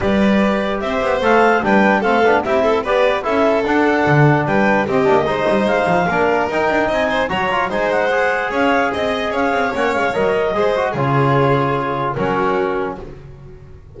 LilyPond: <<
  \new Staff \with { instrumentName = "clarinet" } { \time 4/4 \tempo 4 = 148 d''2 e''4 f''4 | g''4 f''4 e''4 d''4 | e''4 fis''2 g''4 | dis''2 f''2 |
g''4 gis''4 ais''4 gis''8 fis''8~ | fis''4 f''4 dis''4 f''4 | fis''8 f''8 dis''2 cis''4~ | cis''2 ais'2 | }
  \new Staff \with { instrumentName = "violin" } { \time 4/4 b'2 c''2 | b'4 a'4 g'8 a'8 b'4 | a'2. b'4 | g'4 c''2 ais'4~ |
ais'4 dis''8 c''8 cis''4 c''4~ | c''4 cis''4 dis''4 cis''4~ | cis''2 c''4 gis'4~ | gis'2 fis'2 | }
  \new Staff \with { instrumentName = "trombone" } { \time 4/4 g'2. a'4 | d'4 c'8 d'8 e'4 g'4 | e'4 d'2. | c'8 d'8 dis'2 d'4 |
dis'2 fis'8 f'8 dis'4 | gis'1 | cis'4 ais'4 gis'8 fis'8 f'4~ | f'2 cis'2 | }
  \new Staff \with { instrumentName = "double bass" } { \time 4/4 g2 c'8 b8 a4 | g4 a8 b8 c'4 b4 | cis'4 d'4 d4 g4 | c'8 ais8 gis8 g8 gis8 f8 ais4 |
dis'8 d'8 c'4 fis4 gis4~ | gis4 cis'4 c'4 cis'8 c'8 | ais8 gis8 fis4 gis4 cis4~ | cis2 fis2 | }
>>